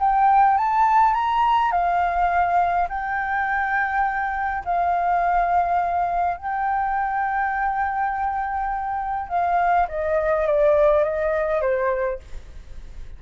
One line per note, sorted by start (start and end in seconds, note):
0.00 0.58 G5
0.58 1.15 A5
1.15 1.72 A#5
1.72 2.89 F5
2.89 4.64 G5
4.65 6.38 F5
6.38 9.29 G5
9.29 9.87 F5
9.89 10.47 D#5
10.47 11.04 D5
11.04 11.61 D#5
11.61 12.20 C5